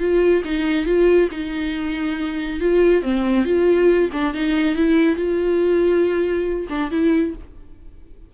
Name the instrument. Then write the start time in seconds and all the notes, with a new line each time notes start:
viola
0.00 F4
0.45 D#4
0.86 F4
1.31 D#4
2.61 F4
3.03 C4
3.45 F4
4.13 D4
4.34 D#4
4.76 E4
5.16 F4
6.70 D4
6.91 E4